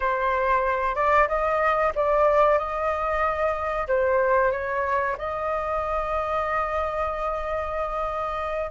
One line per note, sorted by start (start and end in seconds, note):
0.00 0.95 C5
0.95 1.27 D5
1.28 1.92 D#5
1.95 2.58 D5
2.58 3.87 D#5
3.87 4.51 C5
4.51 5.16 C#5
5.18 8.70 D#5